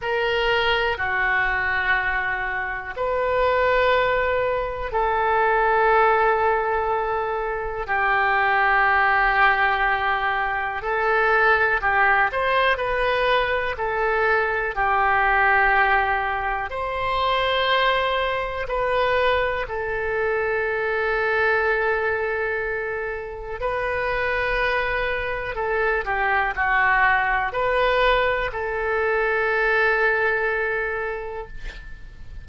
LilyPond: \new Staff \with { instrumentName = "oboe" } { \time 4/4 \tempo 4 = 61 ais'4 fis'2 b'4~ | b'4 a'2. | g'2. a'4 | g'8 c''8 b'4 a'4 g'4~ |
g'4 c''2 b'4 | a'1 | b'2 a'8 g'8 fis'4 | b'4 a'2. | }